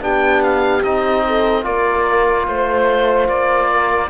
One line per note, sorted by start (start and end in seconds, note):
0.00 0.83 B3
0.00 0.82 D4
0.00 1.26 G4
0.00 0.43 G5
0.43 0.83 F5
0.83 1.66 C4
0.83 1.62 D#4
0.83 1.64 D#5
1.27 1.65 A4
1.62 2.47 A#3
1.62 4.09 F4
1.62 2.47 A#4
1.62 2.47 D5
2.47 3.28 A3
2.47 3.28 C5
2.47 3.72 C5
3.28 4.10 A#3
3.28 4.10 D5
3.72 4.10 A#4